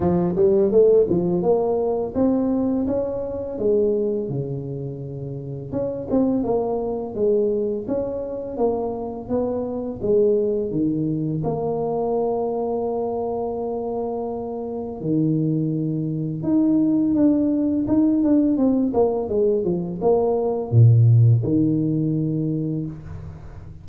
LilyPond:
\new Staff \with { instrumentName = "tuba" } { \time 4/4 \tempo 4 = 84 f8 g8 a8 f8 ais4 c'4 | cis'4 gis4 cis2 | cis'8 c'8 ais4 gis4 cis'4 | ais4 b4 gis4 dis4 |
ais1~ | ais4 dis2 dis'4 | d'4 dis'8 d'8 c'8 ais8 gis8 f8 | ais4 ais,4 dis2 | }